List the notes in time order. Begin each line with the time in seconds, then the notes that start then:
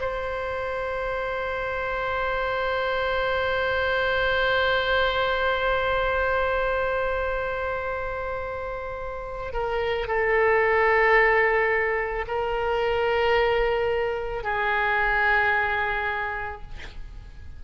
0.00 C5
9.53 A#4
10.07 A4
12.27 A#4
14.43 G#4